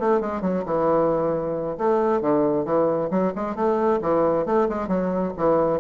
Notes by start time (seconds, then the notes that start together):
0.00 A3
0.21 G#3
0.42 F#3
0.65 E3
1.78 A3
2.21 D3
2.65 E3
3.11 F#3
3.36 G#3
3.55 A3
4.02 E3
4.46 A3
4.69 G#3
4.88 F#3
5.37 E3